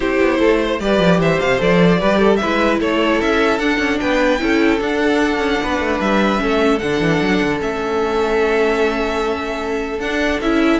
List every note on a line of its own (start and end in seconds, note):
0.00 0.18 C4
0.00 0.79 E4
0.00 0.38 G4
0.00 0.80 C5
0.20 0.40 B3
0.38 0.80 A3
0.38 0.58 A4
0.61 0.81 C5
0.80 0.99 G3
0.80 1.58 G4
0.80 1.20 B4
0.80 1.20 D5
0.99 1.18 F3
1.18 1.38 E3
1.18 1.99 C5
1.18 1.40 E5
1.40 1.61 C3
1.40 1.60 F5
1.58 2.01 F3
1.58 1.98 A4
1.58 2.36 D5
1.99 2.41 G3
1.99 2.41 G4
1.99 2.18 B4
2.18 2.38 A4
2.36 2.79 B4
2.36 2.76 E5
2.43 2.80 G#3
2.43 3.60 E4
2.79 3.20 A3
2.79 3.99 A4
2.79 3.21 C#5
3.21 3.59 C#4
3.21 3.58 E5
3.58 3.78 D4
3.58 4.39 D4
3.58 3.98 F#5
3.78 3.98 C#4
3.99 4.41 B3
3.99 4.41 B4
3.99 4.79 G5
4.39 4.80 C#4
4.39 4.79 E4
4.39 5.62 A4
4.79 6.38 D4
4.79 5.38 D4
4.79 6.00 F#5
5.38 5.58 C#4
5.63 5.79 B3
5.63 6.43 B4
5.79 5.99 A3
6.00 6.40 G3
6.00 6.78 E5
6.38 6.81 A3
6.38 6.78 C#4
6.38 10.79 A4
6.78 7.00 D3
6.78 7.59 D4
6.78 7.58 F#5
7.00 7.20 E3
7.21 7.41 F#3
7.42 7.61 D3
7.59 9.99 A3
7.59 9.99 C#4
7.59 10.00 E5
9.99 10.39 D4
9.99 10.42 D4
9.99 10.40 F#5
10.40 10.79 C#4
10.40 10.79 E4
10.40 10.79 E5